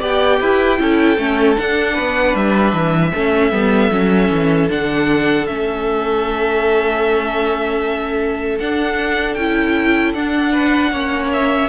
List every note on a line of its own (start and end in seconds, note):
0.00 0.41 B3
0.00 0.78 G4
0.00 0.39 D5
0.00 1.58 G5
0.40 0.80 E4
0.40 0.79 B4
0.78 1.18 C#4
0.78 1.17 E4
0.78 1.94 A4
1.18 1.56 A3
1.18 1.56 C#4
1.56 3.12 D4
1.56 1.99 D4
1.56 2.36 F#5
1.94 2.35 B3
1.94 3.11 B4
2.35 2.73 G3
2.35 4.69 E5
2.73 3.12 E3
3.15 3.51 A3
3.15 3.52 C#4
3.15 10.52 A4
3.51 3.90 G3
3.51 3.91 B3
3.91 4.30 F#3
3.91 4.70 C#4
4.31 4.69 E3
4.70 5.48 D3
4.70 5.48 D4
4.70 5.47 F#5
5.47 8.60 A3
5.47 8.60 C#4
5.47 8.58 E5
8.60 9.37 D4
8.60 9.38 D4
8.60 9.34 F#5
9.34 10.14 C#4
9.34 10.16 E4
9.34 10.12 G5
10.14 10.91 D4
10.14 10.93 D4
10.14 11.31 F#5
10.52 10.91 B4
10.91 11.69 A#3
10.91 11.69 C#4
10.91 11.69 C#5
11.33 11.69 E5